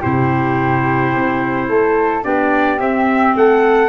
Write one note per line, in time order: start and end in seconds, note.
0.00 1.15 C3
0.00 2.24 E4
0.00 1.67 G4
0.00 2.24 C5
1.15 1.70 C4
1.69 2.25 A3
1.69 2.24 A4
2.24 2.79 B3
2.24 2.78 D4
2.24 3.36 G4
2.24 2.80 D5
2.78 3.89 C4
2.78 3.35 C4
2.78 3.36 E5
3.36 3.89 A3
3.36 3.89 A4
3.36 3.89 F#5